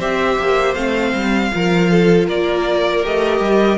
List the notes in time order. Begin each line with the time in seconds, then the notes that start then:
0.00 C4 G4 C5 E5
0.39 A#3
0.75 A3 C4 F5
1.14 G3
1.52 F3 F4 A#4
1.91 A4
2.27 A#3 A#4 D5
3.04 A3 G4 D#5
3.40 G3